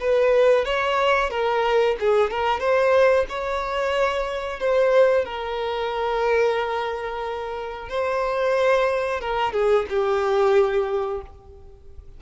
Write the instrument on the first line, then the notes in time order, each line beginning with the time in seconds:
violin
0.00 B4
0.65 C#5
1.30 A#4
1.99 G#4
2.30 A#4
2.60 C5
3.29 C#5
4.59 C5
5.25 A#4
7.89 C5
9.21 A#4
9.52 G#4
9.89 G4